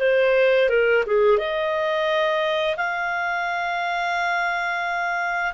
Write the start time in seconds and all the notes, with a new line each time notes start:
0.00 C5
0.69 A#4
1.06 G#4
1.38 D#5
2.77 F5